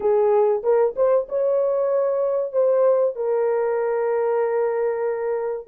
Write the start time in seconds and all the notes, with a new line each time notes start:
0.00 G#4
0.63 A#4
0.96 C5
1.28 C#5
2.52 C5
3.16 A#4